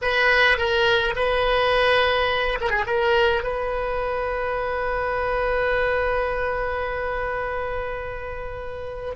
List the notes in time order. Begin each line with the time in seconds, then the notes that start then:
0.01 B4
0.57 A#4
1.15 B4
2.60 A#4
2.70 G#4
2.86 A#4
3.43 B4